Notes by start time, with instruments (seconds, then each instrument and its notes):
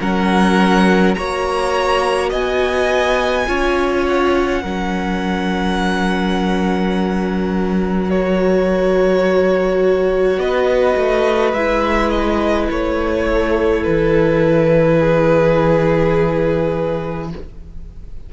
0.00 cello F#3, viola C#4, violin A#4 F#5
1.14 cello A#3, viola F#4, violin C#5 A#5
2.29 cello B3, violin D#5 G#5
3.47 cello C#4, viola F4, violin C#5
4.07 violin F#5
4.62 cello F#3, viola C#4, violin A#4
8.09 viola F#4, violin C#5
10.37 cello B3, violin B4 D#5
10.95 cello A3
11.53 cello G#3, viola E4, violin E5
12.09 violin D#5
12.70 cello A3, violin C#5
13.27 violin A4
13.83 cello E3, violin B4
14.98 violin G#4